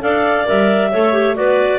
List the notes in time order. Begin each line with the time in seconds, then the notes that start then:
0.00 D4 A4 D5 F5
0.44 G3 A#4 E5
0.91 A3 A4 C#5
1.13 G4
1.35 B3 F#4 B4 D5